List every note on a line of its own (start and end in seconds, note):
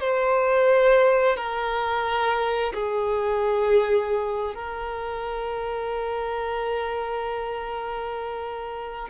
0.00 1.36 C5
1.36 2.73 A#4
2.74 4.54 G#4
4.54 9.09 A#4